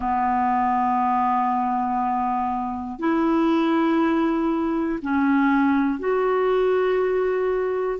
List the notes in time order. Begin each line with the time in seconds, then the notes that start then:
0.00 B3
2.99 E4
5.02 C#4
5.99 F#4